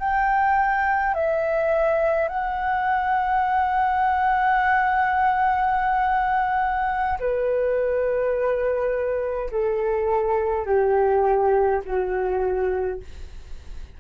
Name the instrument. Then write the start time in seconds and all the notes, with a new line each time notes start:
flute
0.00 G5
1.15 E5
2.29 F#5
7.20 B4
9.51 A4
10.66 G4
11.85 F#4